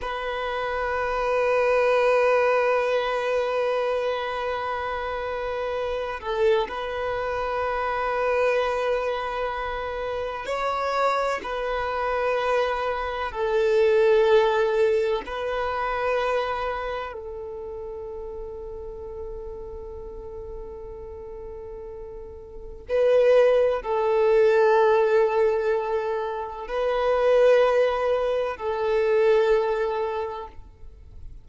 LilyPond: \new Staff \with { instrumentName = "violin" } { \time 4/4 \tempo 4 = 63 b'1~ | b'2~ b'8 a'8 b'4~ | b'2. cis''4 | b'2 a'2 |
b'2 a'2~ | a'1 | b'4 a'2. | b'2 a'2 | }